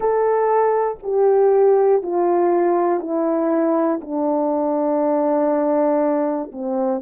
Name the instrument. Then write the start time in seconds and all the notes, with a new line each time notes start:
horn
0.00 A4
1.02 G4
2.02 F4
3.00 E4
4.01 D4
6.51 C4